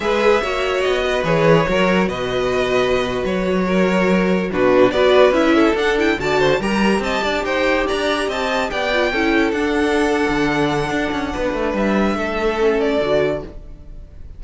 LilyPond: <<
  \new Staff \with { instrumentName = "violin" } { \time 4/4 \tempo 4 = 143 e''2 dis''4 cis''4~ | cis''4 dis''2~ dis''8. cis''16~ | cis''2~ cis''8. b'4 d''16~ | d''8. e''4 fis''8 g''8 a''4 ais''16~ |
ais''8. a''4 g''4 ais''4 a''16~ | a''8. g''2 fis''4~ fis''16~ | fis''1 | e''2~ e''8 d''4. | }
  \new Staff \with { instrumentName = "violin" } { \time 4/4 b'4 cis''4. b'4. | ais'4 b'2.~ | b'8. ais'2 fis'4 b'16~ | b'4~ b'16 a'4. d''8 c''8 ais'16~ |
ais'8. dis''8 d''8 c''4 d''4 dis''16~ | dis''8. d''4 a'2~ a'16~ | a'2. b'4~ | b'4 a'2. | }
  \new Staff \with { instrumentName = "viola" } { \time 4/4 gis'4 fis'2 gis'4 | fis'1~ | fis'2~ fis'8. d'4 fis'16~ | fis'8. e'4 d'8 e'8 fis'4 g'16~ |
g'1~ | g'4~ g'16 f'8 e'4 d'4~ d'16~ | d'1~ | d'2 cis'4 fis'4 | }
  \new Staff \with { instrumentName = "cello" } { \time 4/4 gis4 ais4 b4 e4 | fis4 b,2~ b,8. fis16~ | fis2~ fis8. b,4 b16~ | b8. cis'4 d'4 d4 g16~ |
g8. c'8 d'8 dis'4 d'4 c'16~ | c'8. b4 cis'4 d'4~ d'16~ | d'8 d4. d'8 cis'8 b8 a8 | g4 a2 d4 | }
>>